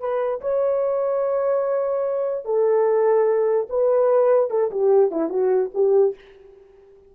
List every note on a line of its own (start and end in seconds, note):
0.00 0.41 B4
0.41 2.45 C#5
2.45 3.67 A4
3.70 4.50 B4
4.50 4.71 A4
4.71 5.11 G4
5.11 5.29 E4
5.29 5.70 F#4
5.74 6.15 G4